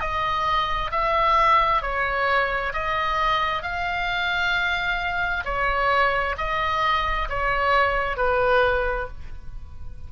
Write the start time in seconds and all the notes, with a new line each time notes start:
0.00 D#5
0.91 E5
1.82 C#5
2.73 D#5
3.62 F5
5.45 C#5
6.38 D#5
7.29 C#5
8.17 B4